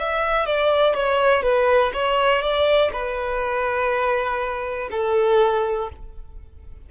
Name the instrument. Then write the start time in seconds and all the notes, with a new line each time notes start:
violin
0.00 E5
0.46 D5
0.95 C#5
1.43 B4
1.94 C#5
2.42 D5
2.93 B4
4.92 A4